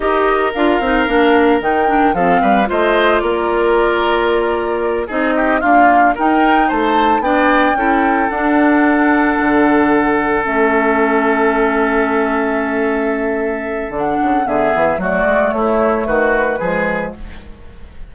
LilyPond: <<
  \new Staff \with { instrumentName = "flute" } { \time 4/4 \tempo 4 = 112 dis''4 f''2 g''4 | f''4 dis''4 d''2~ | d''4. dis''4 f''4 g''8~ | g''8 a''4 g''2 fis''8~ |
fis''2.~ fis''8 e''8~ | e''1~ | e''2 fis''4 e''4 | d''4 cis''4 b'2 | }
  \new Staff \with { instrumentName = "oboe" } { \time 4/4 ais'1 | a'8 b'8 c''4 ais'2~ | ais'4. gis'8 g'8 f'4 ais'8~ | ais'8 c''4 d''4 a'4.~ |
a'1~ | a'1~ | a'2. gis'4 | fis'4 e'4 fis'4 gis'4 | }
  \new Staff \with { instrumentName = "clarinet" } { \time 4/4 g'4 f'8 dis'8 d'4 dis'8 d'8 | c'4 f'2.~ | f'4. dis'4 ais4 dis'8~ | dis'4. d'4 e'4 d'8~ |
d'2.~ d'8 cis'8~ | cis'1~ | cis'2 d'4 b4 | a2. gis4 | }
  \new Staff \with { instrumentName = "bassoon" } { \time 4/4 dis'4 d'8 c'8 ais4 dis4 | f8 g8 a4 ais2~ | ais4. c'4 d'4 dis'8~ | dis'8 a4 b4 cis'4 d'8~ |
d'4. d2 a8~ | a1~ | a2 d8 cis8 d8 e8 | fis8 gis8 a4 dis4 f4 | }
>>